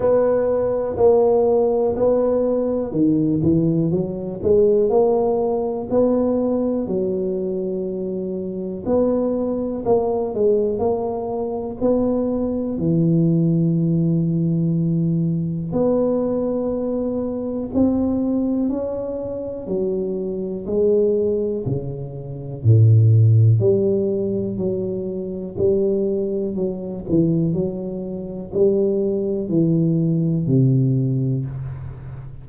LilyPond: \new Staff \with { instrumentName = "tuba" } { \time 4/4 \tempo 4 = 61 b4 ais4 b4 dis8 e8 | fis8 gis8 ais4 b4 fis4~ | fis4 b4 ais8 gis8 ais4 | b4 e2. |
b2 c'4 cis'4 | fis4 gis4 cis4 a,4 | g4 fis4 g4 fis8 e8 | fis4 g4 e4 c4 | }